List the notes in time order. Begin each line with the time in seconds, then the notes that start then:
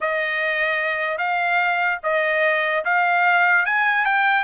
0.01 D#5
1.18 F5
2.03 D#5
2.84 F5
3.65 G#5
4.05 G5